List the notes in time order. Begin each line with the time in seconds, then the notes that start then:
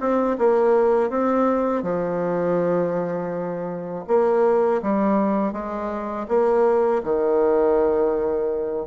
0.00 C4
0.38 A#3
1.09 C4
1.82 F3
4.07 A#3
4.82 G3
5.52 G#3
6.28 A#3
7.03 D#3